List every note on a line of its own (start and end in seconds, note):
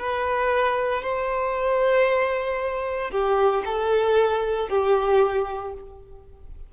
0.00 1.03 B4
1.03 3.12 C5
3.12 3.64 G4
3.66 4.70 A4
4.70 5.74 G4